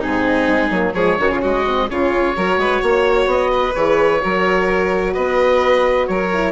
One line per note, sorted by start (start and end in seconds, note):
0.00 0.47 G#2
0.00 0.70 C4
0.00 0.93 D#4
0.00 0.94 G#4
0.47 0.70 G#3
0.70 0.94 F#3
0.70 0.95 A#3
0.94 1.17 F3
0.94 1.18 G#3
0.94 1.17 G#4
0.94 1.40 C#5
1.18 1.30 D#3
1.18 1.64 C#4
1.18 1.31 F#4
1.30 1.41 C#3
1.30 1.41 F4
1.41 1.90 G#3
1.41 1.87 F#4
1.41 1.90 D#5
1.65 1.88 C4
1.89 2.36 C#3
1.89 2.34 C#4
1.89 2.36 F4
1.89 3.29 C#5
2.34 2.57 F#3
2.34 3.73 F#4
2.34 2.59 A#4
2.57 2.81 G#3
2.57 2.81 B4
2.81 3.26 A#3
2.81 3.50 C#5
3.26 3.72 B3
3.26 3.74 D#5
3.51 4.21 B4
3.74 4.22 E3
3.74 4.20 G#4
3.74 5.14 C#5
4.20 5.16 F#3
4.20 6.29 F#4
4.20 5.13 A#4
5.13 6.09 B3
5.13 6.06 B4
5.13 6.07 D#5
6.07 6.52 F#3
6.07 6.52 A#4
6.07 6.52 C#5
6.33 6.52 E4